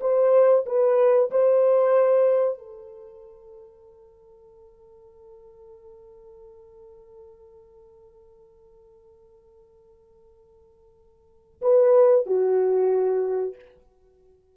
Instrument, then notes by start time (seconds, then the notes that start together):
horn
0.00 C5
0.66 B4
1.30 C5
2.57 A4
11.61 B4
12.26 F#4